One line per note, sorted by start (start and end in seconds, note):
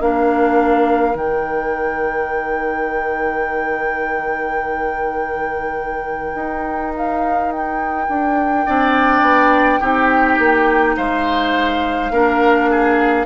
0.00 1.14 A#3
0.00 1.14 D4
0.00 8.66 A#4
0.00 1.16 F5
1.14 6.33 D#3
1.14 8.64 D#4
1.14 6.94 G5
6.35 8.08 D#4
6.96 7.52 F5
7.52 10.97 G5
8.08 8.66 D4
8.66 9.21 C4
8.66 9.81 D4
8.66 9.80 D5
9.21 9.79 B3
9.80 10.38 C4
9.80 12.12 D#4
9.80 10.96 G4
10.38 10.96 A#3
10.97 12.11 G#3
10.97 12.12 C5
10.97 13.26 F5
12.11 13.26 A#3
12.11 13.26 D4
12.11 12.70 A#4
12.70 13.26 G#4